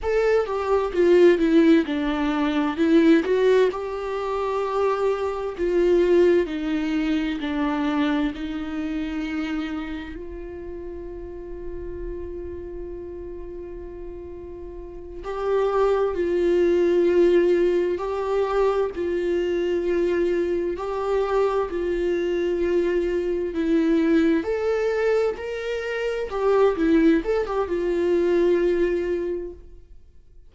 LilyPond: \new Staff \with { instrumentName = "viola" } { \time 4/4 \tempo 4 = 65 a'8 g'8 f'8 e'8 d'4 e'8 fis'8 | g'2 f'4 dis'4 | d'4 dis'2 f'4~ | f'1~ |
f'8 g'4 f'2 g'8~ | g'8 f'2 g'4 f'8~ | f'4. e'4 a'4 ais'8~ | ais'8 g'8 e'8 a'16 g'16 f'2 | }